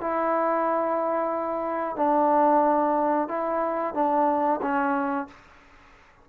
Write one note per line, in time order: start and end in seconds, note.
0.00 1.96 E4
1.96 3.28 D4
3.28 3.94 E4
3.94 4.60 D4
4.61 5.27 C#4